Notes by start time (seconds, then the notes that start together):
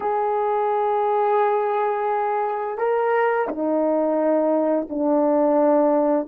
0.00 G#4
2.77 A#4
3.48 D#4
4.89 D4